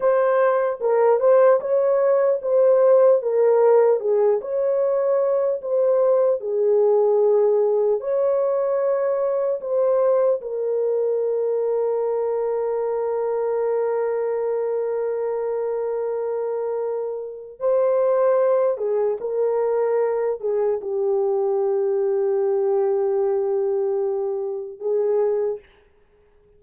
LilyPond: \new Staff \with { instrumentName = "horn" } { \time 4/4 \tempo 4 = 75 c''4 ais'8 c''8 cis''4 c''4 | ais'4 gis'8 cis''4. c''4 | gis'2 cis''2 | c''4 ais'2.~ |
ais'1~ | ais'2 c''4. gis'8 | ais'4. gis'8 g'2~ | g'2. gis'4 | }